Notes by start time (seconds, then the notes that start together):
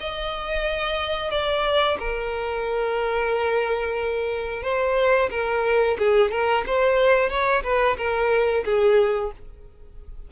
0.00 D#5
1.31 D5
1.99 A#4
4.63 C5
5.30 A#4
5.98 G#4
6.31 A#4
6.66 C5
7.29 C#5
7.63 B4
7.97 A#4
8.65 G#4